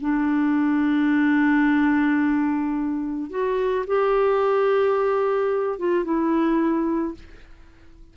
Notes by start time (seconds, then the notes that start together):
0.00 D4
3.30 F#4
3.87 G4
5.78 F4
6.04 E4